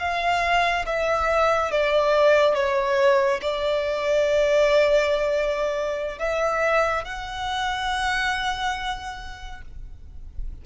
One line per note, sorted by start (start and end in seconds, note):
0.00 0.86 F5
0.86 1.71 E5
1.71 2.55 D5
2.55 3.41 C#5
3.42 6.19 D5
6.19 7.04 E5
7.04 9.62 F#5